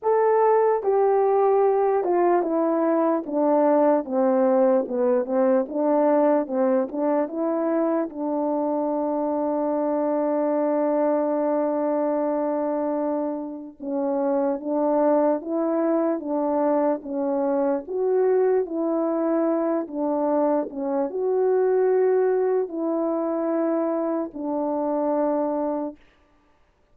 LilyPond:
\new Staff \with { instrumentName = "horn" } { \time 4/4 \tempo 4 = 74 a'4 g'4. f'8 e'4 | d'4 c'4 b8 c'8 d'4 | c'8 d'8 e'4 d'2~ | d'1~ |
d'4 cis'4 d'4 e'4 | d'4 cis'4 fis'4 e'4~ | e'8 d'4 cis'8 fis'2 | e'2 d'2 | }